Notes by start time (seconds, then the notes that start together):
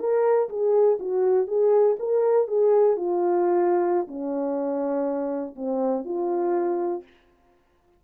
0.00 A#4
0.50 G#4
1.00 F#4
1.48 G#4
2.00 A#4
2.48 G#4
2.97 F4
4.08 C#4
5.56 C4
6.05 F4